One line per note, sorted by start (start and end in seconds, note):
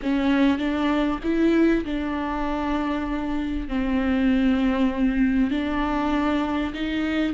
0.02 0.58 C#4
0.58 1.19 D4
1.23 1.84 E4
1.84 3.68 D4
3.68 5.50 C4
5.50 6.73 D4
6.73 7.34 D#4